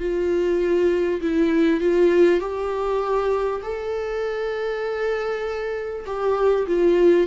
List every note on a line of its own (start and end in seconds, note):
0.00 1.21 F4
1.21 1.81 E4
1.81 2.40 F4
2.40 3.61 G4
3.63 6.06 A4
6.06 6.67 G4
6.67 7.28 F4